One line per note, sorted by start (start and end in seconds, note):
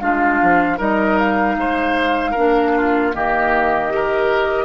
0.00 0.40 G#3
0.00 0.78 D4
0.00 0.78 F4
0.00 0.78 F5
0.43 0.79 F3
0.78 1.57 G3
0.78 2.34 D#4
0.78 1.56 A#4
0.78 1.19 D#5
1.19 3.13 F5
1.57 2.35 G#3
1.57 2.31 C5
2.31 3.15 A#3
2.31 2.70 A#4
2.37 3.13 D4
2.76 3.15 F4
3.13 4.65 D#3
3.13 3.90 A#3
3.13 3.93 G4
3.13 4.65 D#5
3.90 4.65 G4
3.90 4.65 A#4